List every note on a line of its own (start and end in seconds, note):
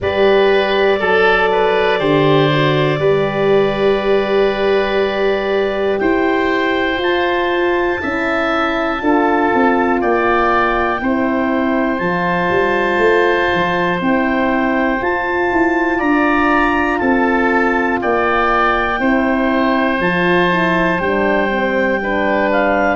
0.00 1.00 G3
0.00 1.00 G4
0.00 0.99 B4
0.00 5.99 D5
0.99 2.00 F#3
0.99 1.49 A4
0.99 2.00 A4
1.51 1.99 B4
1.99 2.99 D3
1.99 2.50 G4
1.99 2.99 C5
2.52 2.99 F#4
2.99 5.99 G3
2.99 6.98 G4
2.99 5.99 B4
5.99 6.97 E4
5.99 8.01 C5
5.99 6.99 G5
6.97 7.97 F4
6.97 7.98 F4
6.97 10.01 A5
8.00 9.01 C#4
8.00 8.98 E4
8.00 9.01 E5
8.98 9.51 D4
8.98 10.98 F4
8.98 10.00 A4
9.54 10.02 C4
10.00 11.01 A#3
10.00 11.00 D5
10.00 11.99 G5
10.99 11.99 C4
10.99 11.98 E4
10.99 15.98 C5
11.98 12.49 F3
11.98 13.98 F4
11.98 13.99 A5
12.50 12.97 G3
12.97 13.47 A3
13.53 14.00 F3
14.00 15.00 C4
14.00 15.00 E4
14.00 15.02 G5
15.00 18.98 F4
15.00 15.51 F4
15.00 16.00 A5
15.52 16.00 E4
15.98 17.00 D4
15.98 16.98 D5
15.98 16.98 A#5
16.98 18.01 C4
16.98 18.00 A4
16.98 17.98 A5
18.01 18.99 A#3
18.01 19.00 D5
18.01 20.01 G5
18.98 19.99 C4
18.98 19.98 E4
18.98 22.00 C5
19.99 20.99 F3
19.99 20.49 F4
19.99 20.99 A5
20.49 20.99 E4
20.99 22.95 G3
20.99 21.49 D4
20.99 22.49 G5
21.49 21.99 C4
22.01 22.95 D4
22.01 22.95 B4
22.51 22.95 F5